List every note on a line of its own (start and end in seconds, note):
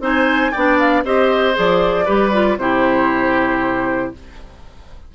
0.00 0.51 C4
0.00 0.51 D#4
0.00 0.51 C5
0.00 0.52 G#5
0.51 1.03 B3
0.51 1.05 D4
0.51 1.03 D5
0.51 0.78 G5
0.79 1.04 F5
1.03 1.55 C4
1.03 1.54 G4
1.03 2.05 C5
1.03 1.56 D#5
1.54 2.07 F3
1.54 2.05 G#4
1.54 2.58 D5
2.05 2.57 G3
2.05 2.32 G4
2.05 2.57 B4
2.32 2.58 F4
2.57 4.11 C3
2.57 4.14 E4
2.57 4.14 G4
2.57 4.12 C5